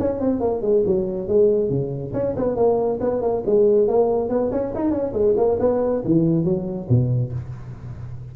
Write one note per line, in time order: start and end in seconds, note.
0.00 0.20 C#4
0.20 0.41 C4
0.41 0.62 A#3
0.62 0.83 G#3
0.86 1.28 F#3
1.28 1.70 G#3
1.70 2.13 C#3
2.13 2.35 C#4
2.37 2.56 B3
2.56 2.99 A#3
3.01 3.22 B3
3.22 3.43 A#3
3.46 3.88 G#3
3.88 4.29 A#3
4.29 4.51 B3
4.52 4.73 C#4
4.75 4.91 D#4
4.91 5.13 C#4
5.13 5.35 G#3
5.37 5.59 A#3
5.60 6.03 B3
6.05 6.45 E3
6.45 6.88 F#3
6.89 7.33 B2